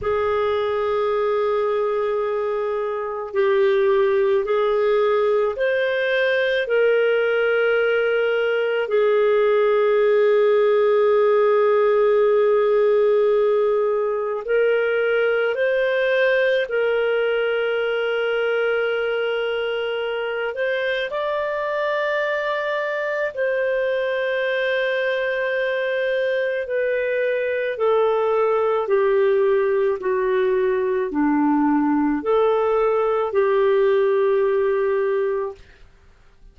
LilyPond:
\new Staff \with { instrumentName = "clarinet" } { \time 4/4 \tempo 4 = 54 gis'2. g'4 | gis'4 c''4 ais'2 | gis'1~ | gis'4 ais'4 c''4 ais'4~ |
ais'2~ ais'8 c''8 d''4~ | d''4 c''2. | b'4 a'4 g'4 fis'4 | d'4 a'4 g'2 | }